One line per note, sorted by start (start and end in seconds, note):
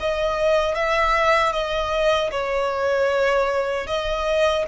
0.00 0.75 D#5
0.75 1.52 E5
1.52 2.30 D#5
2.31 3.87 C#5
3.87 4.65 D#5